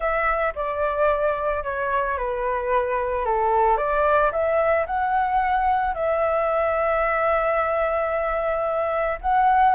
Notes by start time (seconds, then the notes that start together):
0.00 E5
0.55 D5
1.63 C#5
2.17 B4
3.25 A4
3.77 D5
4.31 E5
4.86 F#5
5.94 E5
9.21 F#5